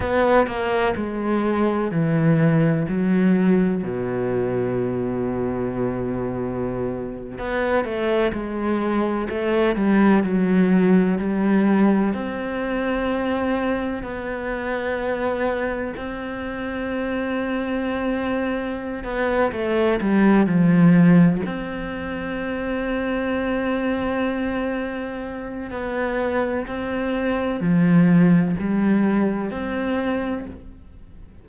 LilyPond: \new Staff \with { instrumentName = "cello" } { \time 4/4 \tempo 4 = 63 b8 ais8 gis4 e4 fis4 | b,2.~ b,8. b16~ | b16 a8 gis4 a8 g8 fis4 g16~ | g8. c'2 b4~ b16~ |
b8. c'2.~ c'16 | b8 a8 g8 f4 c'4.~ | c'2. b4 | c'4 f4 g4 c'4 | }